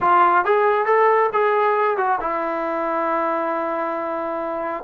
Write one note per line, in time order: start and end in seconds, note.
0.00 0.44 F4
0.44 0.85 G#4
0.85 1.30 A4
1.32 1.97 G#4
1.97 2.19 F#4
2.20 4.84 E4